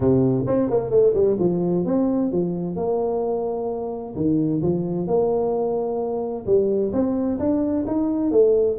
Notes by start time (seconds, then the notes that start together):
0.00 C3
0.47 C4
0.69 A#3
0.90 A3
1.14 G3
1.39 F3
1.85 C4
2.31 F3
2.76 A#3
4.15 D#3
4.62 F3
5.07 A#3
6.46 G3
6.92 C4
7.39 D4
7.87 D#4
8.31 A3